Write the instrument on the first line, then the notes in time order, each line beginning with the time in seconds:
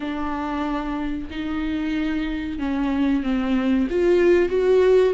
viola
0.00 D4
1.30 D#4
2.58 C#4
3.23 C4
3.90 F4
4.49 F#4